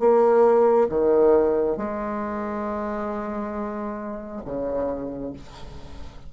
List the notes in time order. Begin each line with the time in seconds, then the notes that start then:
0.00 A#3
0.89 D#3
1.78 G#3
4.46 C#3